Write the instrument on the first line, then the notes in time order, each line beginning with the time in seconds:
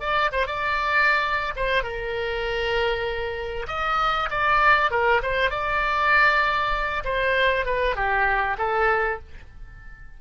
oboe
0.00 D5
0.32 C5
0.46 D5
1.56 C5
1.83 A#4
3.68 D#5
4.30 D5
4.91 A#4
5.22 C5
5.50 D5
7.04 C5
7.65 B4
7.95 G4
8.58 A4